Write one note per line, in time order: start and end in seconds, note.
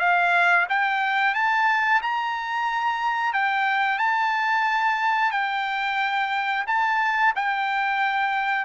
0.00 0.67 F5
0.69 1.35 G5
1.35 2.01 A5
2.02 3.33 A#5
3.33 3.98 G5
3.98 5.32 A5
5.32 6.65 G5
6.67 7.34 A5
7.36 8.65 G5